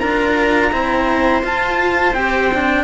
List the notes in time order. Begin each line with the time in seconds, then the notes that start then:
0.00 D4 F4 A#4 A#5
0.72 C4 E4 C5
1.43 F4 A5
2.13 C4 G4 G5
2.54 D4